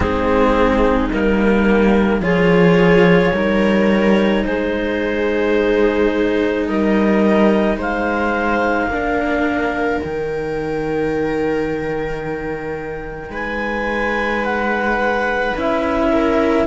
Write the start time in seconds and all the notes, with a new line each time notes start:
0.00 G#3 C4 D#4 G#4
1.11 G3 A#3 A#4
2.19 F3 F4 G#4 C#5
3.33 G3 D#4 A#4
4.44 G#3 G#4 C5
6.67 G3 A#4 D#5
7.76 G#3 C5 F5
8.87 A#3 D4 A#4
10.00 D#3 D#4 G5
13.29 G#3 B4 G#5
14.44 F#5
15.56 C#4 E4 E5
16.11 A#4